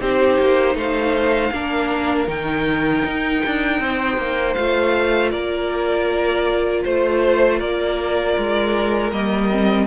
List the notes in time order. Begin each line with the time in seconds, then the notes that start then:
0.00 C4 D#4 G4 C5
0.39 A#3
0.75 A3 C5 F5
1.52 A#3 D4 A#4
2.27 D#3 D#4 G5
3.05 D#4
3.45 D4
3.80 C4 C5
4.17 A#3
4.53 A3 F4 F5
5.30 A#3 A#4 D5
6.84 A3 C5
7.58 A#3 A#4 D5
8.37 G#3
9.11 G3 A#3 D#5
9.51 C4